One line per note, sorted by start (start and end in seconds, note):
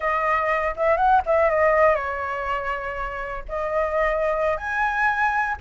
0.00 0.74 D#5
0.76 0.97 E5
0.97 1.21 F#5
1.25 1.50 E5
1.50 1.95 D#5
1.95 3.43 C#5
3.48 4.57 D#5
4.57 5.56 G#5